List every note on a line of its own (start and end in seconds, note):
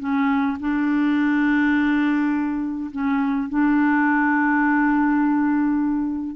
0.00 0.58 C#4
0.60 2.91 D4
2.92 3.49 C#4
3.50 6.36 D4